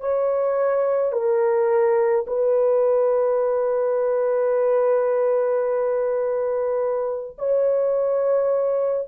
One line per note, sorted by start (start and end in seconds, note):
0.00 1.12 C#5
1.12 2.25 A#4
2.27 7.37 B4
7.38 9.08 C#5